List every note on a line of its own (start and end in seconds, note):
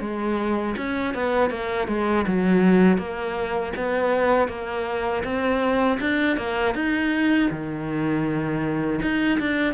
0.00 0.75 G#3
0.77 1.14 C#4
1.14 1.50 B3
1.50 1.88 A#3
1.88 2.25 G#3
2.27 2.97 F#3
2.97 3.72 A#3
3.76 4.48 B3
4.48 5.23 A#3
5.23 5.98 C4
6.00 6.36 D4
6.36 6.74 A#3
6.74 7.49 D#4
7.50 9.00 D#3
9.01 9.39 D#4
9.39 9.74 D4